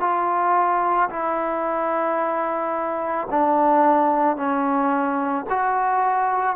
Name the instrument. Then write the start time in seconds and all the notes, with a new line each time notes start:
trombone
0.00 F4
1.10 E4
3.30 D4
4.36 C#4
5.49 F#4